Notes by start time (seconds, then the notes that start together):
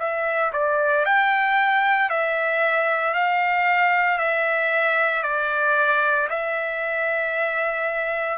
0.00 E5
0.53 D5
1.06 G5
2.10 E5
3.14 F5
4.18 E5
5.23 D5
6.30 E5